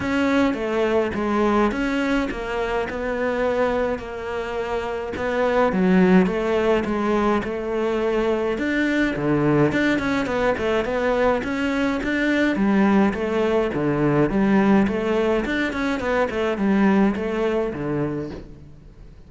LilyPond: \new Staff \with { instrumentName = "cello" } { \time 4/4 \tempo 4 = 105 cis'4 a4 gis4 cis'4 | ais4 b2 ais4~ | ais4 b4 fis4 a4 | gis4 a2 d'4 |
d4 d'8 cis'8 b8 a8 b4 | cis'4 d'4 g4 a4 | d4 g4 a4 d'8 cis'8 | b8 a8 g4 a4 d4 | }